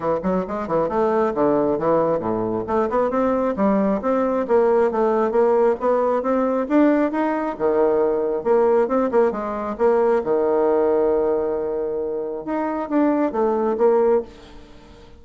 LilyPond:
\new Staff \with { instrumentName = "bassoon" } { \time 4/4 \tempo 4 = 135 e8 fis8 gis8 e8 a4 d4 | e4 a,4 a8 b8 c'4 | g4 c'4 ais4 a4 | ais4 b4 c'4 d'4 |
dis'4 dis2 ais4 | c'8 ais8 gis4 ais4 dis4~ | dis1 | dis'4 d'4 a4 ais4 | }